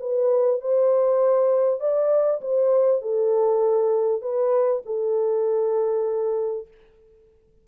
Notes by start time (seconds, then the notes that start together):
0.00 B4
0.61 C5
1.80 D5
2.41 C5
3.01 A4
4.21 B4
4.85 A4